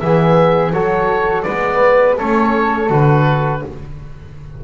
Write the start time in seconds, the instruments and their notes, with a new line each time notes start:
0.00 double bass E3, trombone B3, flute G#4, oboe E5
0.73 double bass F#3, trombone F#4, flute A4, oboe C#5
1.43 double bass G#3, trombone B3, flute B4, oboe D5
2.18 double bass A3, trombone C#4, flute A4, oboe C#5
2.90 double bass D3, trombone F#4, oboe B4